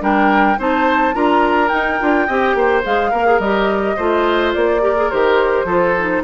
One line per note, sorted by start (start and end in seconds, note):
0.00 0.57 G3
0.00 0.57 D4
0.00 0.58 A#4
0.00 0.59 G5
0.58 1.15 C4
0.58 1.14 D#4
0.58 1.15 C5
0.58 1.15 A5
1.14 1.71 D4
1.14 1.68 F4
1.14 2.27 A#4
1.14 1.69 A#5
1.68 1.96 D#4
1.68 2.00 D#4
1.68 2.82 G5
2.00 2.28 D4
2.00 2.28 F4
2.27 2.55 C4
2.27 2.83 G4
2.27 2.55 D#5
2.55 2.83 A#3
2.55 3.11 C5
2.83 3.12 G#3
2.83 3.12 G#4
2.83 3.39 F5
3.11 3.39 A#3
3.11 3.96 A#4
3.11 3.26 A#4
3.26 3.40 G#4
3.39 3.95 G3
3.39 3.98 G4
3.39 4.52 D#5
3.96 4.55 A3
3.96 4.80 F4
3.96 4.81 C5
4.54 5.12 A#3
4.54 5.10 D5
4.80 4.94 G4
4.80 5.66 A#4
4.96 5.10 G#4
5.10 5.64 D#3
5.10 5.67 G4
5.10 6.23 C5
5.64 6.21 F3
5.64 5.96 F4
5.64 6.22 A4
5.99 6.24 D#4